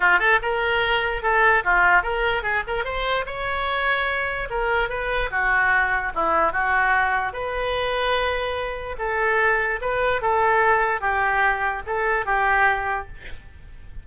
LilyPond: \new Staff \with { instrumentName = "oboe" } { \time 4/4 \tempo 4 = 147 f'8 a'8 ais'2 a'4 | f'4 ais'4 gis'8 ais'8 c''4 | cis''2. ais'4 | b'4 fis'2 e'4 |
fis'2 b'2~ | b'2 a'2 | b'4 a'2 g'4~ | g'4 a'4 g'2 | }